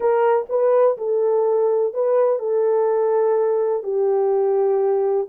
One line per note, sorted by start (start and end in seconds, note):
0.00 0.46 A#4
0.49 0.97 B4
0.97 1.93 A4
1.93 2.39 B4
2.39 3.83 A4
3.83 5.27 G4